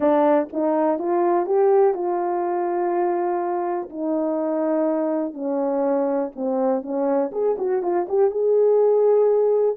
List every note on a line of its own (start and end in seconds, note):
0.00 0.48 D4
0.52 0.98 D#4
0.98 1.46 F4
1.46 1.94 G4
1.94 3.89 F4
3.89 5.33 D#4
5.33 6.31 C#4
6.35 6.82 C4
6.82 7.31 C#4
7.32 7.56 G#4
7.58 7.82 F#4
7.82 8.06 F4
8.08 8.30 G4
8.30 9.76 G#4